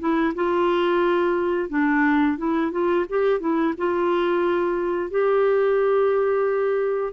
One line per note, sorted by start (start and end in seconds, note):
0.00 0.34 E4
0.35 1.70 F4
1.70 2.38 D4
2.38 2.72 E4
2.72 3.06 F4
3.10 3.40 G4
3.40 3.74 E4
3.78 5.11 F4
5.11 7.13 G4